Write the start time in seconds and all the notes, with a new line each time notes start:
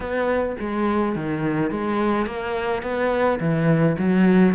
0.00 B3
0.59 G#3
1.15 D#3
1.71 G#3
2.26 A#3
2.82 B3
3.40 E3
3.98 F#3